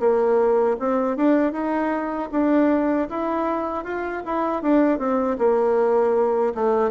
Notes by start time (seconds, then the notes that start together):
0.00 A#3
0.80 C4
1.17 D4
1.53 D#4
2.31 D4
3.09 E4
3.85 F4
4.26 E4
4.62 D4
4.99 C4
5.38 A#3
6.55 A3